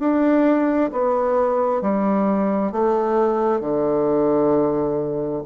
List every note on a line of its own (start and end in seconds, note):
0.00 0.91 D4
0.93 1.82 B3
1.82 2.72 G3
2.72 3.61 A3
3.61 5.43 D3